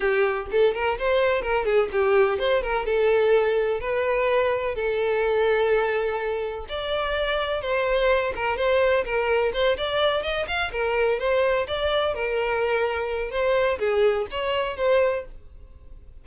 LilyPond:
\new Staff \with { instrumentName = "violin" } { \time 4/4 \tempo 4 = 126 g'4 a'8 ais'8 c''4 ais'8 gis'8 | g'4 c''8 ais'8 a'2 | b'2 a'2~ | a'2 d''2 |
c''4. ais'8 c''4 ais'4 | c''8 d''4 dis''8 f''8 ais'4 c''8~ | c''8 d''4 ais'2~ ais'8 | c''4 gis'4 cis''4 c''4 | }